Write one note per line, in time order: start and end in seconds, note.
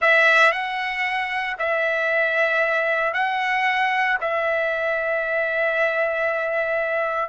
0.01 0.52 E5
0.52 1.56 F#5
1.58 3.13 E5
3.13 4.18 F#5
4.20 7.29 E5